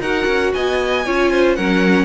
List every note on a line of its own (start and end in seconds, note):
0.00 0.26 D#4
0.00 1.05 F#4
0.00 0.53 A#4
0.00 0.53 F#5
0.27 0.52 C#4
0.54 1.07 B3
0.54 1.06 D#5
0.54 1.56 G#5
1.06 1.58 C#4
1.06 1.58 F4
1.06 1.32 C#5
1.32 1.57 C5
1.56 2.05 F#3
1.56 2.05 C#4
1.56 2.05 A#4
1.56 2.05 F#5